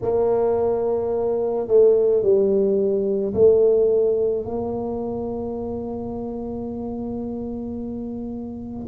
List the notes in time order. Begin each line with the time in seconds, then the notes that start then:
0.02 A#3
1.67 A3
2.22 G3
3.33 A3
4.44 A#3